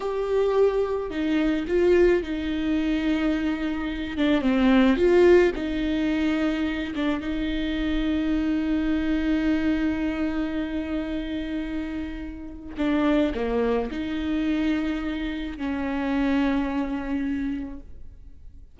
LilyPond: \new Staff \with { instrumentName = "viola" } { \time 4/4 \tempo 4 = 108 g'2 dis'4 f'4 | dis'2.~ dis'8 d'8 | c'4 f'4 dis'2~ | dis'8 d'8 dis'2.~ |
dis'1~ | dis'2. d'4 | ais4 dis'2. | cis'1 | }